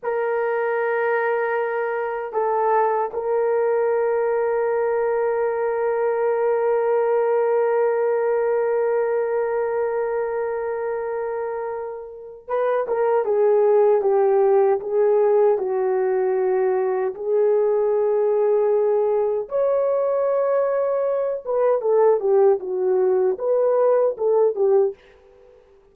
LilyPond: \new Staff \with { instrumentName = "horn" } { \time 4/4 \tempo 4 = 77 ais'2. a'4 | ais'1~ | ais'1~ | ais'1 |
b'8 ais'8 gis'4 g'4 gis'4 | fis'2 gis'2~ | gis'4 cis''2~ cis''8 b'8 | a'8 g'8 fis'4 b'4 a'8 g'8 | }